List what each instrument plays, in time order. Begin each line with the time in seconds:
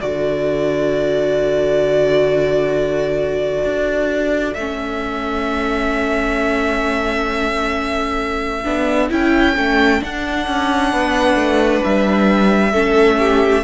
0.00 cello D3, viola F#4, violin A4 D5
3.64 cello D4
4.54 cello A3, viola C#4, violin E5
8.64 cello B3, viola D4
9.10 cello C#4, viola E4, violin G5
9.56 cello A3, viola C#4
10.00 viola D4, cello D4, violin F#5
10.47 cello C#4
10.92 cello B3, violin B4
11.35 cello A3
11.84 cello G3, violin E5
12.71 cello A3, viola C#4, violin A4
13.19 violin G4